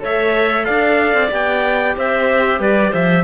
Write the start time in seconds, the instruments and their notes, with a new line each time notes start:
0.00 cello A3, viola A4, clarinet C#5, trumpet E5
0.65 cello D4, clarinet D5, trumpet F5
1.14 cello C4
1.31 cello B3, viola G4, trumpet G5
1.97 cello C4, clarinet C5, trumpet E5
2.59 cello G3, clarinet B4, trumpet D5
2.91 cello F3, clarinet C5, trumpet E5